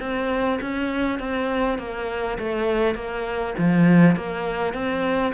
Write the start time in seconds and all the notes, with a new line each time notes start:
0.00 C4
0.61 C#4
1.19 C4
1.78 A#3
2.38 A3
2.95 A#3
3.58 F3
4.16 A#3
4.73 C4